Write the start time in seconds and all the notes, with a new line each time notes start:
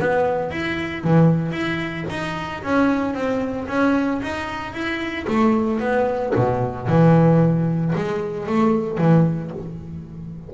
0.00 B3
0.52 E4
1.04 E3
1.52 E4
2.10 D#4
2.64 C#4
3.14 C4
3.68 C#4
4.23 D#4
4.73 E4
5.28 A3
5.80 B3
6.36 B2
6.88 E3
7.95 G#3
8.47 A3
8.98 E3